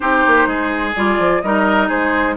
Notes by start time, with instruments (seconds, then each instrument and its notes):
0.00 bassoon C4, clarinet D#4, oboe G4, flute C5
0.26 bassoon A#3
0.46 bassoon G#3, oboe G#4
0.95 bassoon G3, clarinet F4, flute D5
1.18 bassoon F3
1.41 bassoon G3, clarinet D#4, oboe A#4, flute D#5
1.88 bassoon G#3, oboe G#4, flute C5